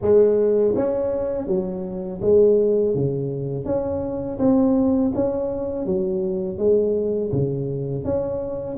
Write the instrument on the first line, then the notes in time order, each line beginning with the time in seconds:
tuba
0.01 G#3
0.75 C#4
1.47 F#3
2.21 G#3
2.94 C#3
3.65 C#4
4.38 C4
5.14 C#4
5.85 F#3
6.58 G#3
7.32 C#3
8.04 C#4